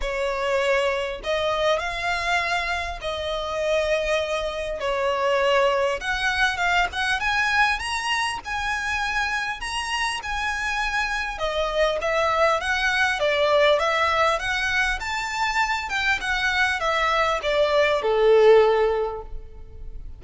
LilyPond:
\new Staff \with { instrumentName = "violin" } { \time 4/4 \tempo 4 = 100 cis''2 dis''4 f''4~ | f''4 dis''2. | cis''2 fis''4 f''8 fis''8 | gis''4 ais''4 gis''2 |
ais''4 gis''2 dis''4 | e''4 fis''4 d''4 e''4 | fis''4 a''4. g''8 fis''4 | e''4 d''4 a'2 | }